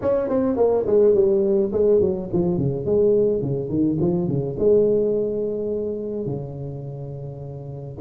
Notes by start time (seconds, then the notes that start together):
0.01 C#4
0.29 C4
0.56 A#3
0.86 G#3
1.14 G3
1.72 G#3
2.01 F#3
2.32 F3
2.57 C#3
2.85 G#3
3.41 C#3
3.69 D#3
4.00 F3
4.28 C#3
4.58 G#3
6.26 C#3